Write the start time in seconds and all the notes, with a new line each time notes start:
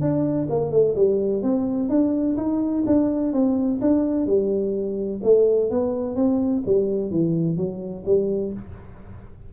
0.00 D4
0.49 A#3
0.71 A3
0.95 G3
1.42 C4
1.89 D4
2.36 D#4
2.86 D4
3.33 C4
3.81 D4
4.26 G3
5.23 A3
5.70 B3
6.15 C4
6.66 G3
7.10 E3
7.56 F#3
8.05 G3